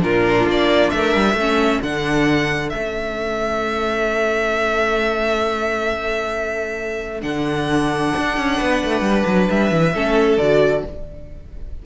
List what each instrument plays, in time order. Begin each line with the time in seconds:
0.00 cello A#2, viola D4, violin F4 A#4
0.47 cello A#3, violin D5
0.91 cello A3, violin A#4 E5
1.16 cello G3
1.34 cello A3, viola C#4, violin A4
1.83 cello D3, viola D4, violin F#5
2.70 cello A3, viola C#4, violin E5
7.22 cello D3, viola D4, violin F#5
8.18 cello D4
8.38 cello C#4
8.58 cello B3, violin B4
8.85 cello A3
9.01 cello G3
9.27 cello F#3
9.50 cello G3, violin E5
9.72 cello E3
9.95 cello A3, viola C#4, violin A4
10.38 cello D3, viola F#4, violin D5